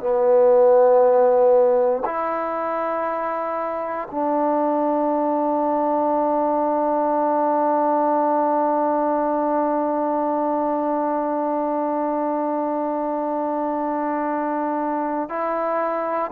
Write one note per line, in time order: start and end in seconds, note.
0.00 2.03 B3
2.05 4.08 E4
4.11 15.29 D4
15.29 16.31 E4